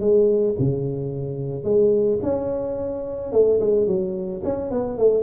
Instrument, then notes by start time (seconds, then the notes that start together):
tuba
0.00 G#3
0.60 C#3
1.64 G#3
2.23 C#4
3.33 A3
3.60 G#3
3.87 F#3
4.44 C#4
4.71 B3
4.98 A3